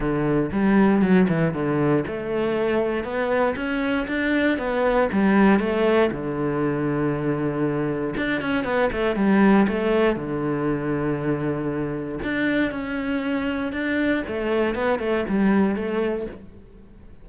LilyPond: \new Staff \with { instrumentName = "cello" } { \time 4/4 \tempo 4 = 118 d4 g4 fis8 e8 d4 | a2 b4 cis'4 | d'4 b4 g4 a4 | d1 |
d'8 cis'8 b8 a8 g4 a4 | d1 | d'4 cis'2 d'4 | a4 b8 a8 g4 a4 | }